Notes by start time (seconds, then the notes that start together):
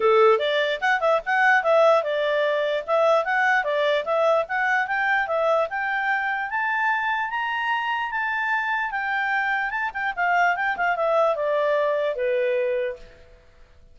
0.00 A4
0.39 D5
0.80 F#5
1.00 E5
1.25 F#5
1.63 E5
2.03 D5
2.86 E5
3.24 F#5
3.63 D5
4.04 E5
4.48 F#5
4.87 G5
5.27 E5
5.69 G5
6.49 A5
7.30 A#5
8.11 A5
8.91 G5
9.70 A5
9.93 G5
10.16 F5
10.56 G5
10.76 F5
10.96 E5
11.35 D5
12.15 B4